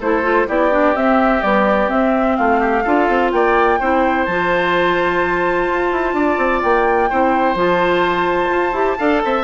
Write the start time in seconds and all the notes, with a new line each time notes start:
0.00 A3 E4 A4 C5
0.23 F4
0.48 B3 E4 G4 D5
0.71 D4
0.95 C4 E5
1.41 G3 B3 D5
1.87 C4 E5
2.36 A3 F4 F5
2.60 G4
2.84 D4 F4 A4
3.09 C4
3.32 A#3 D5 G5
3.80 C4 E4 C5
4.25 F3 F4 A5
5.69 F4
5.92 E4
6.13 D4 D5
6.38 C4
6.62 A#3 G5
7.10 C4 E4 C5
7.55 F3 F4 A5
8.50 F4
8.73 E4 G4
8.98 D4 A4 F5
9.24 C4 E5